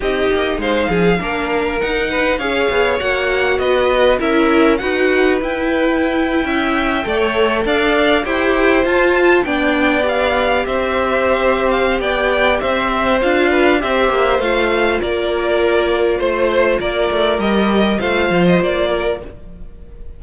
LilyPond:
<<
  \new Staff \with { instrumentName = "violin" } { \time 4/4 \tempo 4 = 100 dis''4 f''2 fis''4 | f''4 fis''4 dis''4 e''4 | fis''4 g''2.~ | g''8. f''4 g''4 a''4 g''16~ |
g''8. f''4 e''4.~ e''16 f''8 | g''4 e''4 f''4 e''4 | f''4 d''2 c''4 | d''4 dis''4 f''8. dis''16 d''4 | }
  \new Staff \with { instrumentName = "violin" } { \time 4/4 g'4 c''8 gis'8 ais'4. b'8 | cis''2 b'4 ais'4 | b'2~ b'8. e''4 d''16 | cis''8. d''4 c''2 d''16~ |
d''4.~ d''16 c''2~ c''16 | d''4 c''4. b'8 c''4~ | c''4 ais'2 c''4 | ais'2 c''4. ais'8 | }
  \new Staff \with { instrumentName = "viola" } { \time 4/4 dis'2 d'4 dis'4 | gis'4 fis'2 e'4 | fis'4 e'2~ e'8. a'16~ | a'4.~ a'16 g'4 f'4 d'16~ |
d'8. g'2.~ g'16~ | g'2 f'4 g'4 | f'1~ | f'4 g'4 f'2 | }
  \new Staff \with { instrumentName = "cello" } { \time 4/4 c'8 ais8 gis8 f8 ais4 dis'4 | cis'8 b8 ais4 b4 cis'4 | dis'4 e'4.~ e'16 cis'4 a16~ | a8. d'4 e'4 f'4 b16~ |
b4.~ b16 c'2~ c'16 | b4 c'4 d'4 c'8 ais8 | a4 ais2 a4 | ais8 a8 g4 a8 f8 ais4 | }
>>